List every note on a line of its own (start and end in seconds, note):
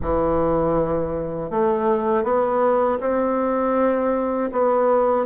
0.01 1.50 E3
1.50 2.23 A3
2.23 2.98 B3
3.00 4.50 C4
4.52 5.25 B3